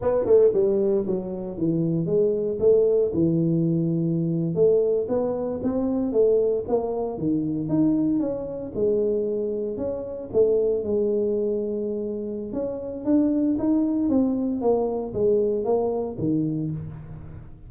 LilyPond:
\new Staff \with { instrumentName = "tuba" } { \time 4/4 \tempo 4 = 115 b8 a8 g4 fis4 e4 | gis4 a4 e2~ | e8. a4 b4 c'4 a16~ | a8. ais4 dis4 dis'4 cis'16~ |
cis'8. gis2 cis'4 a16~ | a8. gis2.~ gis16 | cis'4 d'4 dis'4 c'4 | ais4 gis4 ais4 dis4 | }